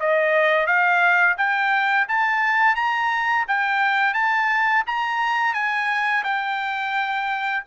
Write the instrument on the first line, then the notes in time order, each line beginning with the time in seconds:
trumpet
0.00 D#5
0.67 F5
1.38 G5
2.09 A5
2.76 A#5
3.48 G5
4.14 A5
4.87 A#5
5.54 G#5
6.24 G5